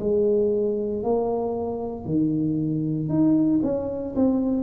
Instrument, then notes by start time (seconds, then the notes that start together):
tuba
0.00 G#3
1.03 A#3
2.06 D#3
3.09 D#4
3.63 C#4
4.16 C4